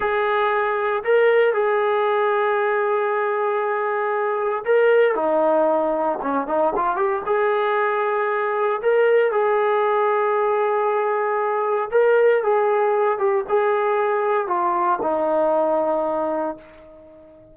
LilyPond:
\new Staff \with { instrumentName = "trombone" } { \time 4/4 \tempo 4 = 116 gis'2 ais'4 gis'4~ | gis'1~ | gis'4 ais'4 dis'2 | cis'8 dis'8 f'8 g'8 gis'2~ |
gis'4 ais'4 gis'2~ | gis'2. ais'4 | gis'4. g'8 gis'2 | f'4 dis'2. | }